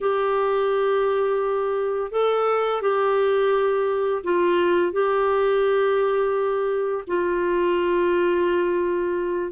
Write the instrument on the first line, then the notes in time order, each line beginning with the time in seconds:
clarinet
0.00 G4
2.11 A4
2.81 G4
4.23 F4
4.92 G4
7.07 F4